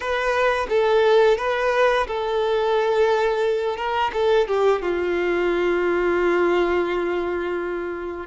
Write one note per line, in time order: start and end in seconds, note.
0.00 0.66 B4
0.69 1.37 A4
1.37 2.06 B4
2.07 3.76 A4
3.76 4.11 A#4
4.13 4.47 A4
4.47 4.82 G4
4.82 8.26 F4